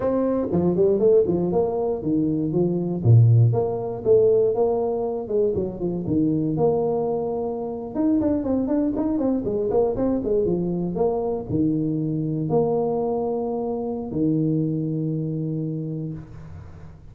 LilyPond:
\new Staff \with { instrumentName = "tuba" } { \time 4/4 \tempo 4 = 119 c'4 f8 g8 a8 f8 ais4 | dis4 f4 ais,4 ais4 | a4 ais4. gis8 fis8 f8 | dis4 ais2~ ais8. dis'16~ |
dis'16 d'8 c'8 d'8 dis'8 c'8 gis8 ais8 c'16~ | c'16 gis8 f4 ais4 dis4~ dis16~ | dis8. ais2.~ ais16 | dis1 | }